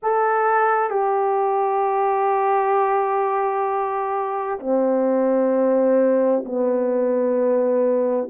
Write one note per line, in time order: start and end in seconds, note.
0.02 0.89 A4
0.89 4.59 G4
4.59 6.44 C4
6.44 8.29 B3